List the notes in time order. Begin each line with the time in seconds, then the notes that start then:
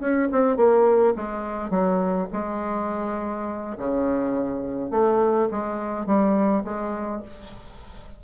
0.00 C#4
0.32 C4
0.57 A#3
1.16 G#3
1.70 F#3
2.33 G#3
3.78 C#3
4.91 A3
5.51 G#3
6.06 G3
6.65 G#3